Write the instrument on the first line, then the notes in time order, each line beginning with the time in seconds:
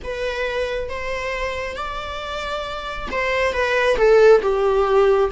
viola
0.03 B4
0.89 C5
1.76 D5
3.11 C5
3.53 B4
3.97 A4
4.42 G4